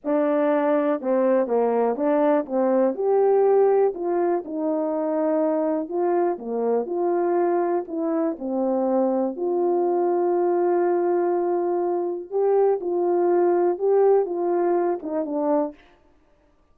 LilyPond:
\new Staff \with { instrumentName = "horn" } { \time 4/4 \tempo 4 = 122 d'2 c'4 ais4 | d'4 c'4 g'2 | f'4 dis'2. | f'4 ais4 f'2 |
e'4 c'2 f'4~ | f'1~ | f'4 g'4 f'2 | g'4 f'4. dis'8 d'4 | }